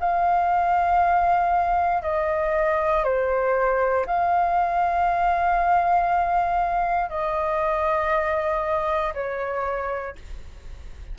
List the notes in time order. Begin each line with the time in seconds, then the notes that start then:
0.00 F5
2.02 D#5
3.04 C5
4.06 F5
7.10 D#5
9.14 C#5